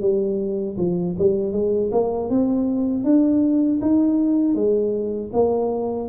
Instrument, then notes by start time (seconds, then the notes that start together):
tuba
0.00 G3
0.77 F3
1.18 G3
1.52 G#3
1.91 A#3
2.29 C4
3.03 D4
3.81 D#4
4.54 G#3
5.32 A#3